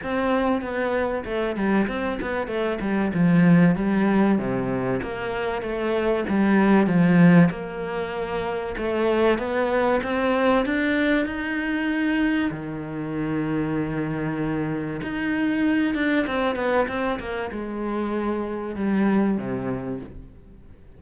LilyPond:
\new Staff \with { instrumentName = "cello" } { \time 4/4 \tempo 4 = 96 c'4 b4 a8 g8 c'8 b8 | a8 g8 f4 g4 c4 | ais4 a4 g4 f4 | ais2 a4 b4 |
c'4 d'4 dis'2 | dis1 | dis'4. d'8 c'8 b8 c'8 ais8 | gis2 g4 c4 | }